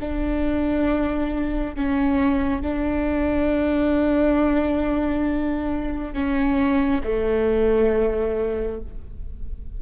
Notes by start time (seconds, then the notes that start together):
0.00 D4
1.75 C#4
2.62 D4
6.13 C#4
7.04 A3